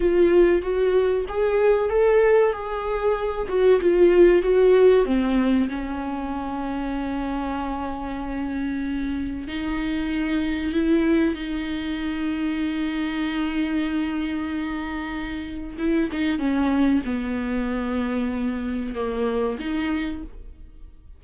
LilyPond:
\new Staff \with { instrumentName = "viola" } { \time 4/4 \tempo 4 = 95 f'4 fis'4 gis'4 a'4 | gis'4. fis'8 f'4 fis'4 | c'4 cis'2.~ | cis'2. dis'4~ |
dis'4 e'4 dis'2~ | dis'1~ | dis'4 e'8 dis'8 cis'4 b4~ | b2 ais4 dis'4 | }